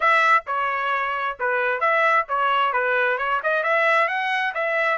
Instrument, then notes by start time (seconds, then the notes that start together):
trumpet
0.00 E5
0.46 C#5
1.39 B4
1.80 E5
2.28 C#5
2.72 B4
3.18 C#5
3.43 D#5
3.63 E5
4.07 F#5
4.54 E5